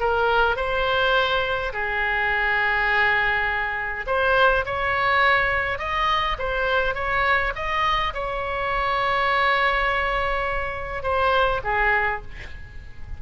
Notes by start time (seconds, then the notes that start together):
0.00 A#4
0.56 C5
1.73 G#4
4.06 C5
4.65 C#5
5.79 D#5
6.39 C5
6.95 C#5
7.55 D#5
8.14 C#5
11.03 C5
11.64 G#4